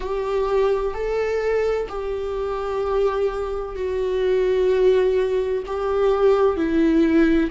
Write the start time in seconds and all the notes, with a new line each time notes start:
0.00 G4
0.94 A4
1.88 G4
3.75 F#4
5.66 G4
6.56 E4